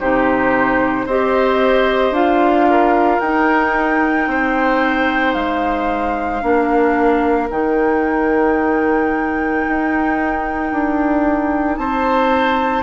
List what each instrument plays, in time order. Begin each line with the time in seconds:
0.00 bassoon C3, clarinet D#4, oboe G4, flute C5
1.06 bassoon C4, clarinet G4, oboe C5, flute D#5
2.11 bassoon D4, clarinet F4, flute F5
2.70 oboe A#4
3.20 bassoon D#4, clarinet D#4, flute G5
4.27 bassoon C4, oboe C5
5.33 bassoon G#3, flute F5
6.42 bassoon A#3, clarinet D4, oboe A#4
7.50 bassoon D#3, clarinet D#4, flute G5
9.69 bassoon D#4
10.72 bassoon D4
11.77 bassoon C4, oboe C5, flute A5